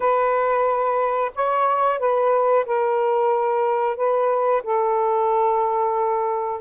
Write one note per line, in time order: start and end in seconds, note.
0.00 1.31 B4
1.35 1.99 C#5
1.99 2.65 B4
2.65 3.96 A#4
3.96 4.62 B4
4.63 6.61 A4